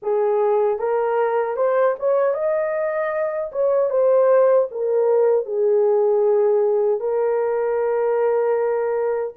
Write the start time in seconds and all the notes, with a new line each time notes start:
0.02 G#4
0.78 A#4
1.56 C5
1.99 C#5
2.34 D#5
3.52 C#5
3.90 C5
4.71 A#4
5.45 G#4
7.00 A#4